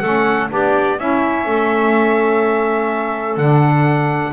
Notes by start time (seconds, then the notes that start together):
0.00 A3 C#4 A4 F#5
0.49 B3 D4 G4 D5
0.98 C#4 E4 E5
1.46 A3 A4
3.37 D3 D4 F#5